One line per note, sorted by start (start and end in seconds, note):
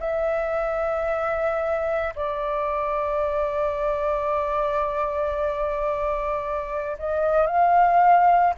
0.00 2.14 E5
2.16 6.98 D5
6.99 7.47 D#5
7.47 8.54 F5